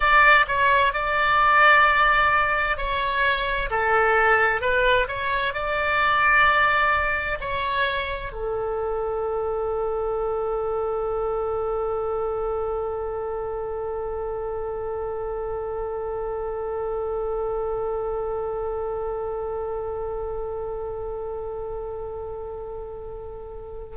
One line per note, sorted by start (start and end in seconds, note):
0.00 0.45 D5
0.47 0.93 C#5
0.93 2.77 D5
2.77 3.69 C#5
3.70 4.61 A4
4.61 5.07 B4
5.08 5.53 C#5
5.53 7.38 D5
7.40 8.32 C#5
8.32 23.96 A4